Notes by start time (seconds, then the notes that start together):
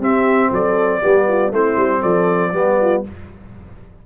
0.00 C4 G4 E5
0.52 F#3 A4 D5
1.01 G3 B3 G4
1.28 F4
1.51 A3 C4 E4 C5
1.77 G3
2.01 F3 A4 D5
2.53 G3 B3 G4
2.81 F4